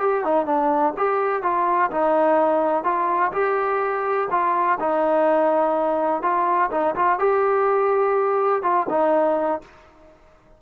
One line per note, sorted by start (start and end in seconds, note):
0.00 0.24 G4
0.24 0.46 D#4
0.46 0.94 D4
0.97 1.42 G4
1.42 1.90 F4
1.91 2.84 D#4
2.84 3.32 F4
3.32 4.28 G4
4.30 4.78 F4
4.80 6.22 D#4
6.22 6.70 F4
6.71 6.95 D#4
6.95 7.19 F4
7.19 8.62 G4
8.62 8.86 F4
8.90 9.62 D#4